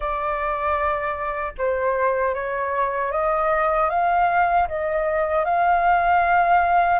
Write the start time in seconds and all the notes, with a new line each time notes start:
0.00 D5
1.58 C5
2.34 C#5
3.11 D#5
3.89 F5
4.68 D#5
5.44 F5